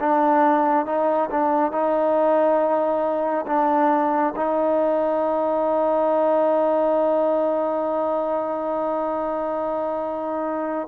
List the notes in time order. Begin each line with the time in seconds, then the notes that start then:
0.00 D4
0.86 D#4
1.31 D4
1.72 D#4
3.47 D4
4.36 D#4